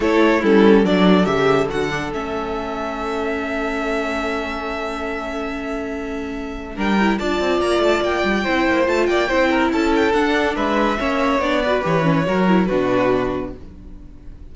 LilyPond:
<<
  \new Staff \with { instrumentName = "violin" } { \time 4/4 \tempo 4 = 142 cis''4 a'4 d''4 e''4 | fis''4 e''2.~ | e''1~ | e''1 |
g''4 a''4 ais''8 a''8 g''4~ | g''4 a''8 g''4. a''8 g''8 | fis''4 e''2 d''4 | cis''2 b'2 | }
  \new Staff \with { instrumentName = "violin" } { \time 4/4 a'4 e'4 a'2~ | a'1~ | a'1~ | a'1 |
ais'4 d''2. | c''4. d''8 c''8 ais'8 a'4~ | a'4 b'4 cis''4. b'8~ | b'4 ais'4 fis'2 | }
  \new Staff \with { instrumentName = "viola" } { \time 4/4 e'4 cis'4 d'4 g'4 | fis'8 d'8 cis'2.~ | cis'1~ | cis'1 |
d'8 e'8 f'2. | e'4 f'4 e'2 | d'2 cis'4 d'8 fis'8 | g'8 cis'8 fis'8 e'8 d'2 | }
  \new Staff \with { instrumentName = "cello" } { \time 4/4 a4 g4 fis4 cis4 | d4 a2.~ | a1~ | a1 |
g4 d'8 c'8 ais8 a8 ais8 g8 | c'8 ais8 a8 ais8 c'4 cis'4 | d'4 gis4 ais4 b4 | e4 fis4 b,2 | }
>>